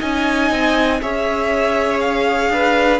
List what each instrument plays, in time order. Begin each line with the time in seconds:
0.00 cello C#4, viola D#4, violin D#5 G#5
0.51 cello C4
1.02 cello C#4, viola G#4, violin C#5 E5
2.01 violin F5
2.50 cello D4, violin B4